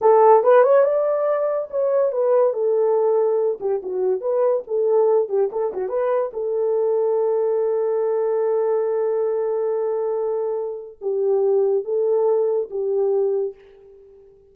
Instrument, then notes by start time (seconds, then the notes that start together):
horn
0.01 A4
0.43 B4
0.63 C#5
0.84 D5
1.70 C#5
2.11 B4
2.53 A4
3.60 G4
3.82 F#4
4.21 B4
4.67 A4
5.28 G4
5.51 A4
5.73 F#4
5.88 B4
6.33 A4
11.01 G4
11.84 A4
12.70 G4